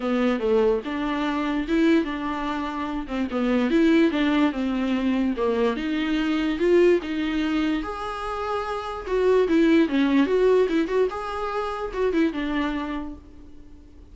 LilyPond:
\new Staff \with { instrumentName = "viola" } { \time 4/4 \tempo 4 = 146 b4 a4 d'2 | e'4 d'2~ d'8 c'8 | b4 e'4 d'4 c'4~ | c'4 ais4 dis'2 |
f'4 dis'2 gis'4~ | gis'2 fis'4 e'4 | cis'4 fis'4 e'8 fis'8 gis'4~ | gis'4 fis'8 e'8 d'2 | }